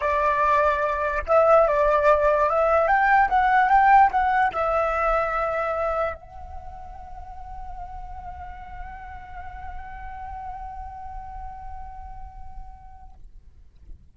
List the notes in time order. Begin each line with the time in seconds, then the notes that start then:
0.00 D5
1.26 E5
1.67 D5
2.49 E5
2.87 G5
3.29 F#5
3.69 G5
4.11 F#5
4.52 E5
6.15 F#5